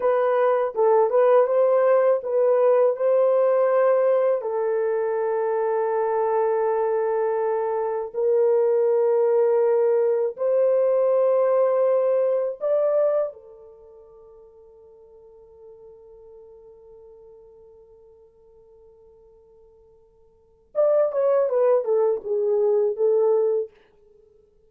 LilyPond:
\new Staff \with { instrumentName = "horn" } { \time 4/4 \tempo 4 = 81 b'4 a'8 b'8 c''4 b'4 | c''2 a'2~ | a'2. ais'4~ | ais'2 c''2~ |
c''4 d''4 a'2~ | a'1~ | a'1 | d''8 cis''8 b'8 a'8 gis'4 a'4 | }